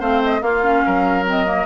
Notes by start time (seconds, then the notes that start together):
0.00 A3 C4 C5 F5
0.24 D#5
0.41 A#3 F4 F5
0.64 C#4
0.86 F#3 A#4
1.26 C4 D#5
1.46 A#3